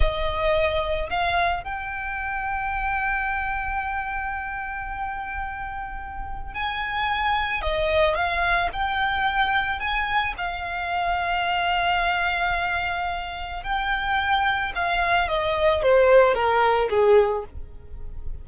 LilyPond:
\new Staff \with { instrumentName = "violin" } { \time 4/4 \tempo 4 = 110 dis''2 f''4 g''4~ | g''1~ | g''1 | gis''2 dis''4 f''4 |
g''2 gis''4 f''4~ | f''1~ | f''4 g''2 f''4 | dis''4 c''4 ais'4 gis'4 | }